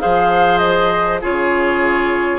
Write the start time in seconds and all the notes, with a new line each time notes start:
0.00 F3 G#4 C5 F5
0.59 D#5
1.22 C#3 F4 G#4 C#5